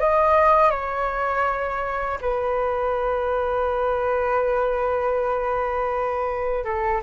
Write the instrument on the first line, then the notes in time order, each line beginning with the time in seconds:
flute
0.00 D#5
0.71 C#5
2.22 B4
6.65 A4